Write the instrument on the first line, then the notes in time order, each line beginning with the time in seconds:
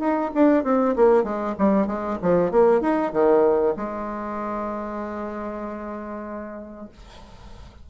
bassoon
0.00 D#4
0.35 D4
0.64 C4
0.97 A#3
1.24 G#3
1.59 G3
1.87 G#3
2.22 F3
2.51 A#3
2.82 D#4
3.13 D#3
3.77 G#3